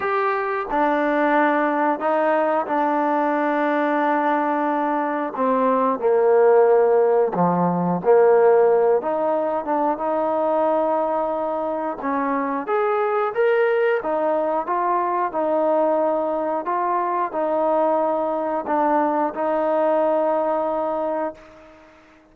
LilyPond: \new Staff \with { instrumentName = "trombone" } { \time 4/4 \tempo 4 = 90 g'4 d'2 dis'4 | d'1 | c'4 ais2 f4 | ais4. dis'4 d'8 dis'4~ |
dis'2 cis'4 gis'4 | ais'4 dis'4 f'4 dis'4~ | dis'4 f'4 dis'2 | d'4 dis'2. | }